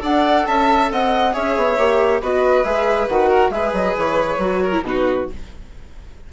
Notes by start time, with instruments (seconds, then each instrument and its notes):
0.00 bassoon D4, viola A4, violin D5, flute F#5
0.46 bassoon C#4, violin E5, flute A5
0.91 bassoon C4, violin D#5, flute F#5
1.33 bassoon C#4, viola G#4, violin C#5, flute E5
1.57 bassoon B3
1.78 bassoon A#3, viola G4
2.22 bassoon B3, viola F#4, violin B4, flute D#5
2.64 bassoon G#3, viola G#4, flute E5
3.08 bassoon D#3, viola F#4, flute F#5
3.29 violin A#4
3.50 bassoon G#3, viola G#4, violin B4, flute E5
3.73 bassoon F#3, flute D#5
3.97 bassoon E3, flute C#5
4.38 bassoon F#3, viola F#4
4.63 violin A#4
4.72 viola E4
4.82 bassoon B2, viola D#4, flute B4
4.89 violin F#4